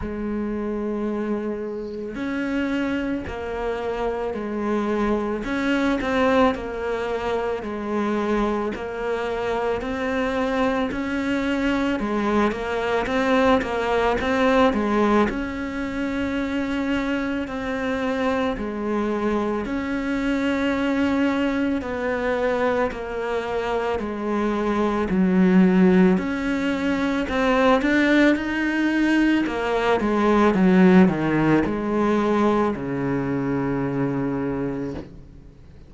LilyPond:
\new Staff \with { instrumentName = "cello" } { \time 4/4 \tempo 4 = 55 gis2 cis'4 ais4 | gis4 cis'8 c'8 ais4 gis4 | ais4 c'4 cis'4 gis8 ais8 | c'8 ais8 c'8 gis8 cis'2 |
c'4 gis4 cis'2 | b4 ais4 gis4 fis4 | cis'4 c'8 d'8 dis'4 ais8 gis8 | fis8 dis8 gis4 cis2 | }